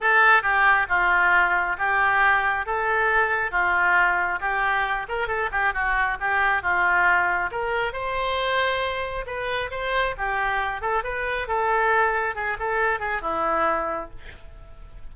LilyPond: \new Staff \with { instrumentName = "oboe" } { \time 4/4 \tempo 4 = 136 a'4 g'4 f'2 | g'2 a'2 | f'2 g'4. ais'8 | a'8 g'8 fis'4 g'4 f'4~ |
f'4 ais'4 c''2~ | c''4 b'4 c''4 g'4~ | g'8 a'8 b'4 a'2 | gis'8 a'4 gis'8 e'2 | }